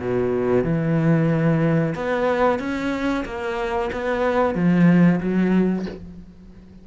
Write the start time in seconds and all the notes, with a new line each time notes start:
0.00 B2
0.64 E3
1.95 B3
2.59 C#4
3.25 A#3
3.92 B3
4.55 F3
5.20 F#3